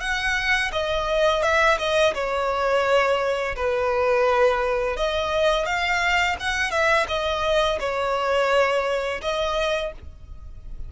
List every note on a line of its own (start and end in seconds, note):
0.00 0.71 F#5
0.72 1.42 D#5
1.42 1.78 E5
1.78 2.14 D#5
2.14 3.56 C#5
3.56 4.97 B4
4.97 5.66 D#5
5.66 6.36 F5
6.40 6.71 F#5
6.71 7.06 E5
7.08 7.79 D#5
7.80 9.21 C#5
9.21 9.92 D#5